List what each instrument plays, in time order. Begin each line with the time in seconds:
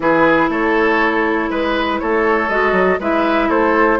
0.00 bassoon E3, clarinet E4, oboe G#4, flute B4
0.49 bassoon A3, oboe A4, flute C#5
1.49 bassoon G#3, oboe B4, flute B4
1.99 bassoon A3, oboe A4, flute C#5
2.49 bassoon G#3, clarinet F#4, flute D#5
2.72 bassoon F#3
2.99 bassoon G#3, clarinet E4, oboe B4, flute E5
3.48 bassoon A3, oboe A4, flute C5